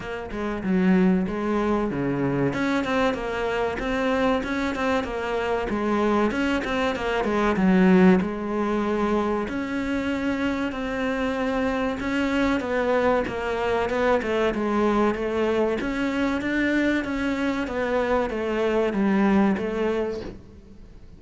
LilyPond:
\new Staff \with { instrumentName = "cello" } { \time 4/4 \tempo 4 = 95 ais8 gis8 fis4 gis4 cis4 | cis'8 c'8 ais4 c'4 cis'8 c'8 | ais4 gis4 cis'8 c'8 ais8 gis8 | fis4 gis2 cis'4~ |
cis'4 c'2 cis'4 | b4 ais4 b8 a8 gis4 | a4 cis'4 d'4 cis'4 | b4 a4 g4 a4 | }